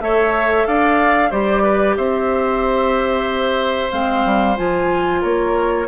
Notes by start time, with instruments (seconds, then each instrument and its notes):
0.00 bassoon A3, clarinet A4, oboe C#5, flute E5
0.66 bassoon D4, oboe D5, flute F5
1.30 bassoon G3, clarinet G4, oboe C5, flute D5
1.62 oboe B4
1.97 bassoon C4, oboe C5, flute E5
3.91 bassoon G#3, clarinet C4, flute F5
4.25 bassoon G3
4.57 bassoon F3, clarinet F4, flute G#5
5.21 bassoon A#3, oboe A#4, flute C#5